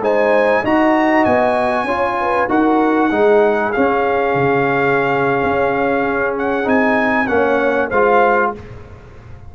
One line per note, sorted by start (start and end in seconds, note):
0.00 0.62 G#3
0.00 0.64 D#4
0.00 0.62 C5
0.00 0.65 G#5
0.62 1.26 D#4
0.62 1.88 F#4
0.62 1.85 D#5
0.62 1.25 A#5
1.25 1.85 B3
1.25 2.49 G#5
1.85 2.47 C#4
1.85 2.49 F4
1.85 2.16 C#5
2.20 2.50 B4
2.49 3.11 D#4
2.49 3.11 F#4
2.49 3.10 A#4
2.49 3.73 F#5
3.10 3.73 G#3
3.10 3.74 D#4
3.10 7.28 G#4
3.73 6.64 C#4
3.73 4.35 C#4
3.73 6.35 F5
4.35 5.43 C#3
5.43 6.66 C#4
6.38 6.69 F#5
6.64 7.28 C4
6.64 7.26 D#4
6.64 7.27 G#5
7.27 7.91 A#3
7.27 7.90 C#4
7.27 7.89 C#5
7.27 7.89 F#5
7.89 8.53 G#3
7.89 8.55 F4
7.89 8.51 C5
7.89 8.52 F5